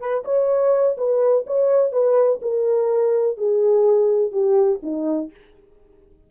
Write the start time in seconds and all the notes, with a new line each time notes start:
0.00 B4
0.25 C#5
0.98 B4
1.47 C#5
1.92 B4
2.42 A#4
3.38 G#4
4.32 G4
4.83 D#4